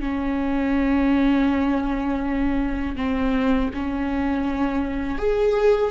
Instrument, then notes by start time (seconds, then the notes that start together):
viola
0.00 C#4
2.96 C4
3.74 C#4
5.18 G#4